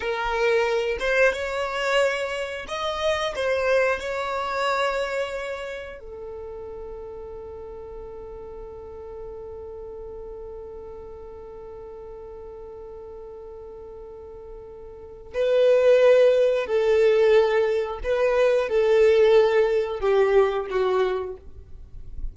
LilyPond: \new Staff \with { instrumentName = "violin" } { \time 4/4 \tempo 4 = 90 ais'4. c''8 cis''2 | dis''4 c''4 cis''2~ | cis''4 a'2.~ | a'1~ |
a'1~ | a'2. b'4~ | b'4 a'2 b'4 | a'2 g'4 fis'4 | }